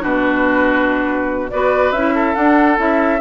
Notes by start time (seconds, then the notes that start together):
0.00 B2 D4 F#4 B4
1.50 B3 F#4 B4 D5
1.92 C#4 E4 E5
2.14 A4
2.35 D4 F#5
2.76 C#4 E4 E5